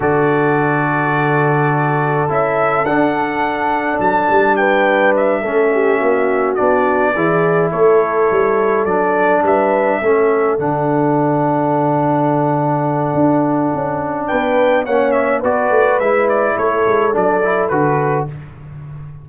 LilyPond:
<<
  \new Staff \with { instrumentName = "trumpet" } { \time 4/4 \tempo 4 = 105 d''1 | e''4 fis''2 a''4 | g''4 e''2~ e''8 d''8~ | d''4. cis''2 d''8~ |
d''8 e''2 fis''4.~ | fis''1~ | fis''4 g''4 fis''8 e''8 d''4 | e''8 d''8 cis''4 d''4 b'4 | }
  \new Staff \with { instrumentName = "horn" } { \time 4/4 a'1~ | a'1 | b'4. a'8 g'8 fis'4.~ | fis'8 gis'4 a'2~ a'8~ |
a'8 b'4 a'2~ a'8~ | a'1~ | a'4 b'4 cis''4 b'4~ | b'4 a'2. | }
  \new Staff \with { instrumentName = "trombone" } { \time 4/4 fis'1 | e'4 d'2.~ | d'4. cis'2 d'8~ | d'8 e'2. d'8~ |
d'4. cis'4 d'4.~ | d'1~ | d'2 cis'4 fis'4 | e'2 d'8 e'8 fis'4 | }
  \new Staff \with { instrumentName = "tuba" } { \time 4/4 d1 | cis'4 d'2 fis8 g8~ | g4. a4 ais4 b8~ | b8 e4 a4 g4 fis8~ |
fis8 g4 a4 d4.~ | d2. d'4 | cis'4 b4 ais4 b8 a8 | gis4 a8 gis8 fis4 d4 | }
>>